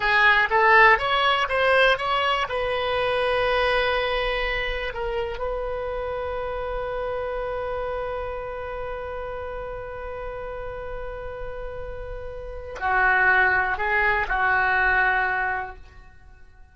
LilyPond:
\new Staff \with { instrumentName = "oboe" } { \time 4/4 \tempo 4 = 122 gis'4 a'4 cis''4 c''4 | cis''4 b'2.~ | b'2 ais'4 b'4~ | b'1~ |
b'1~ | b'1~ | b'2 fis'2 | gis'4 fis'2. | }